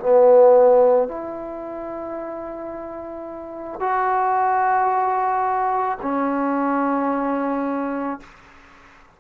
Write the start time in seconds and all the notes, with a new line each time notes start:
0.00 B3
1.08 E4
3.80 F#4
6.02 C#4